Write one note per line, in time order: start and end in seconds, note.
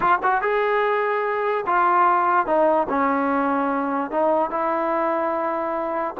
0.00 0.18 F4
0.22 0.41 F#4
0.41 1.64 G#4
1.66 2.46 F4
2.46 2.87 D#4
2.89 4.10 C#4
4.10 4.50 D#4
4.50 6.14 E4